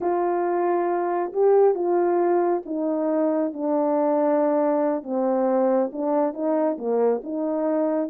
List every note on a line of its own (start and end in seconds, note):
0.00 1.32 F4
1.32 1.74 G4
1.74 2.62 F4
2.65 3.53 D#4
3.53 5.03 D4
5.03 5.90 C4
5.92 6.33 D4
6.33 6.77 D#4
6.78 7.21 A#3
7.23 8.09 D#4